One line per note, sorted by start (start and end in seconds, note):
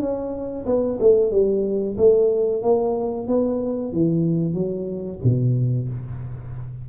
0.00 0.65 C#4
0.66 0.99 B3
1.00 1.31 A3
1.31 1.97 G3
1.97 2.62 A3
2.62 3.28 A#3
3.28 3.93 B3
3.93 4.54 E3
4.54 5.19 F#3
5.24 5.89 B2